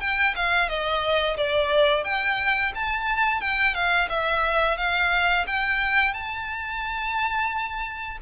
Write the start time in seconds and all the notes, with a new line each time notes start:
0.00 G5
0.36 F5
0.68 D#5
1.37 D5
2.04 G5
2.75 A5
3.41 G5
3.74 F5
4.09 E5
4.77 F5
5.47 G5
6.13 A5